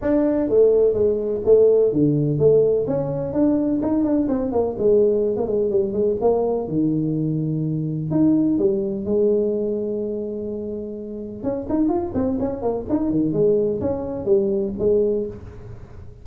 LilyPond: \new Staff \with { instrumentName = "tuba" } { \time 4/4 \tempo 4 = 126 d'4 a4 gis4 a4 | d4 a4 cis'4 d'4 | dis'8 d'8 c'8 ais8 gis4~ gis16 ais16 gis8 | g8 gis8 ais4 dis2~ |
dis4 dis'4 g4 gis4~ | gis1 | cis'8 dis'8 f'8 c'8 cis'8 ais8 dis'8 dis8 | gis4 cis'4 g4 gis4 | }